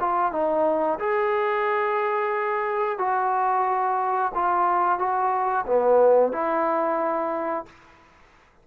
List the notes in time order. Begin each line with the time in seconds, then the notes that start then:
0.00 F4
0.32 D#4
0.99 G#4
2.98 F#4
4.34 F4
4.99 F#4
5.66 B3
6.32 E4